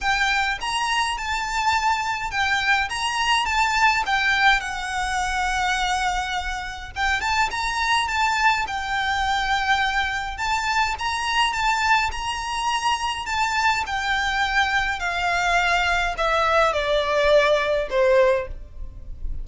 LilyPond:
\new Staff \with { instrumentName = "violin" } { \time 4/4 \tempo 4 = 104 g''4 ais''4 a''2 | g''4 ais''4 a''4 g''4 | fis''1 | g''8 a''8 ais''4 a''4 g''4~ |
g''2 a''4 ais''4 | a''4 ais''2 a''4 | g''2 f''2 | e''4 d''2 c''4 | }